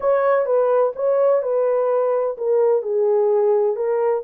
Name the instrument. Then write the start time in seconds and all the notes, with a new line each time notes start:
horn
0.00 C#5
0.45 B4
0.95 C#5
1.42 B4
2.37 A#4
2.82 G#4
3.76 A#4